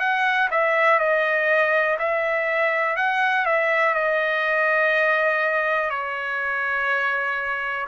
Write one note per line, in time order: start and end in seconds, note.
0.00 0.49 F#5
0.51 1.00 E5
1.00 1.98 D#5
1.99 2.97 E5
2.97 3.46 F#5
3.46 3.95 E5
3.95 5.91 D#5
5.91 7.87 C#5